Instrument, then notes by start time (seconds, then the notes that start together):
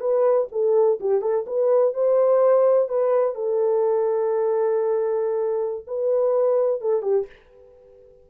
horn
0.00 B4
0.52 A4
1.00 G4
1.21 A4
1.47 B4
1.94 C5
2.89 B4
3.35 A4
5.87 B4
6.81 A4
7.02 G4